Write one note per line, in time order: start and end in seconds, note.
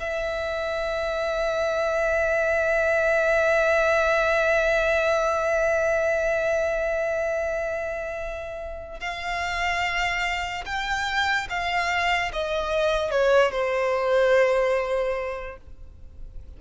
0.00 9.00 E5
9.00 10.65 F5
10.66 11.48 G5
11.50 12.32 F5
12.33 13.11 D#5
13.11 13.52 C#5
13.52 15.57 C5